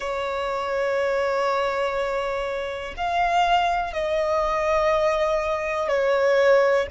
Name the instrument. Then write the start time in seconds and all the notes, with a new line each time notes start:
violin
0.00 C#5
2.96 F5
3.93 D#5
5.88 C#5